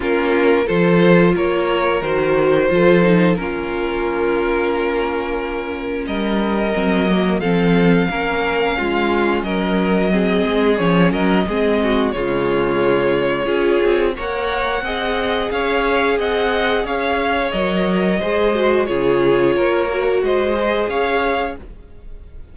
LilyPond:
<<
  \new Staff \with { instrumentName = "violin" } { \time 4/4 \tempo 4 = 89 ais'4 c''4 cis''4 c''4~ | c''4 ais'2.~ | ais'4 dis''2 f''4~ | f''2 dis''2 |
cis''8 dis''4. cis''2~ | cis''4 fis''2 f''4 | fis''4 f''4 dis''2 | cis''2 dis''4 f''4 | }
  \new Staff \with { instrumentName = "violin" } { \time 4/4 f'4 a'4 ais'2 | a'4 f'2.~ | f'4 ais'2 a'4 | ais'4 f'4 ais'4 gis'4~ |
gis'8 ais'8 gis'8 fis'8 f'2 | gis'4 cis''4 dis''4 cis''4 | dis''4 cis''2 c''4 | gis'4 ais'4 c''4 cis''4 | }
  \new Staff \with { instrumentName = "viola" } { \time 4/4 cis'4 f'2 fis'4 | f'8 dis'8 cis'2.~ | cis'2 c'8 ais8 c'4 | cis'2. c'4 |
cis'4 c'4 gis2 | f'4 ais'4 gis'2~ | gis'2 ais'4 gis'8 fis'8 | f'4. fis'4 gis'4. | }
  \new Staff \with { instrumentName = "cello" } { \time 4/4 ais4 f4 ais4 dis4 | f4 ais2.~ | ais4 g4 fis4 f4 | ais4 gis4 fis4. gis8 |
f8 fis8 gis4 cis2 | cis'8 c'8 ais4 c'4 cis'4 | c'4 cis'4 fis4 gis4 | cis4 ais4 gis4 cis'4 | }
>>